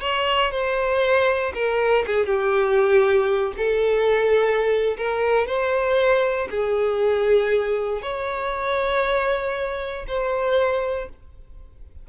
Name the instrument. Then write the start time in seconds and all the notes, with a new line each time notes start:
violin
0.00 C#5
0.51 C5
1.54 A#4
2.06 G#4
2.26 G4
3.57 A4
4.97 A#4
5.47 C5
6.50 G#4
8.02 C#5
10.07 C5